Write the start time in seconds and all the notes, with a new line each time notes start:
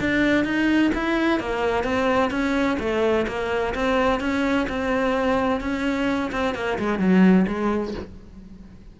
0.00 D4
0.45 D#4
0.95 E4
1.40 A#3
1.84 C4
2.31 C#4
2.79 A3
3.27 A#3
3.75 C4
4.20 C#4
4.69 C4
5.61 C#4
6.32 C4
6.55 A#3
6.79 G#3
6.99 F#3
7.47 G#3